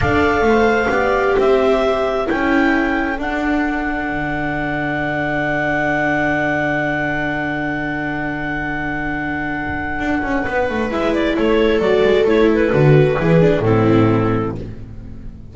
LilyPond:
<<
  \new Staff \with { instrumentName = "clarinet" } { \time 4/4 \tempo 4 = 132 f''2. e''4~ | e''4 g''2 fis''4~ | fis''1~ | fis''1~ |
fis''1~ | fis''1 | e''8 d''8 cis''4 d''4 cis''8 b'8~ | b'2 a'2 | }
  \new Staff \with { instrumentName = "viola" } { \time 4/4 d''4 c''4 d''4 c''4~ | c''4 a'2.~ | a'1~ | a'1~ |
a'1~ | a'2. b'4~ | b'4 a'2.~ | a'4 gis'4 e'2 | }
  \new Staff \with { instrumentName = "viola" } { \time 4/4 a'2 g'2~ | g'4 e'2 d'4~ | d'1~ | d'1~ |
d'1~ | d'1 | e'2 fis'4 e'4 | fis'4 e'8 d'8 c'2 | }
  \new Staff \with { instrumentName = "double bass" } { \time 4/4 d'4 a4 b4 c'4~ | c'4 cis'2 d'4~ | d'4 d2.~ | d1~ |
d1~ | d2 d'8 cis'8 b8 a8 | gis4 a4 fis8 gis8 a4 | d4 e4 a,2 | }
>>